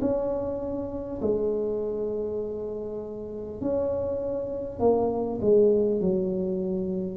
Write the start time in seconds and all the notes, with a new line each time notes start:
0.00 C#4
1.21 G#3
3.61 C#4
4.79 A#3
5.41 G#3
6.00 F#3